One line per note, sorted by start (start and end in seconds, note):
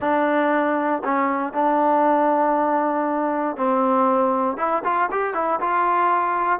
0.00 1.02 D4
1.04 1.53 C#4
1.53 3.56 D4
3.56 4.57 C4
4.57 4.82 E4
4.84 5.09 F4
5.11 5.34 G4
5.34 5.59 E4
5.60 6.59 F4